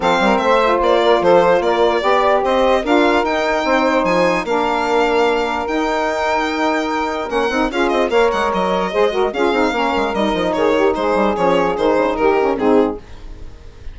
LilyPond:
<<
  \new Staff \with { instrumentName = "violin" } { \time 4/4 \tempo 4 = 148 f''4 e''4 d''4 c''4 | d''2 dis''4 f''4 | g''2 gis''4 f''4~ | f''2 g''2~ |
g''2 fis''4 f''8 dis''8 | f''8 fis''8 dis''2 f''4~ | f''4 dis''4 cis''4 c''4 | cis''4 c''4 ais'4 gis'4 | }
  \new Staff \with { instrumentName = "saxophone" } { \time 4/4 a'8 ais'8 c''4. ais'8 a'4 | ais'4 d''4 c''4 ais'4~ | ais'4 c''2 ais'4~ | ais'1~ |
ais'2. gis'4 | cis''2 c''8 ais'8 gis'4 | ais'2 gis'8 g'8 gis'4~ | gis'2 g'4 dis'4 | }
  \new Staff \with { instrumentName = "saxophone" } { \time 4/4 c'4. f'2~ f'8~ | f'4 g'2 f'4 | dis'2. d'4~ | d'2 dis'2~ |
dis'2 cis'8 dis'8 f'4 | ais'2 gis'8 fis'8 f'8 dis'8 | cis'4 dis'2. | cis'4 dis'4. cis'8 c'4 | }
  \new Staff \with { instrumentName = "bassoon" } { \time 4/4 f8 g8 a4 ais4 f4 | ais4 b4 c'4 d'4 | dis'4 c'4 f4 ais4~ | ais2 dis'2~ |
dis'2 ais8 c'8 cis'8 c'8 | ais8 gis8 fis4 gis4 cis'8 c'8 | ais8 gis8 g8 f8 dis4 gis8 g8 | f4 dis8 cis8 dis4 gis,4 | }
>>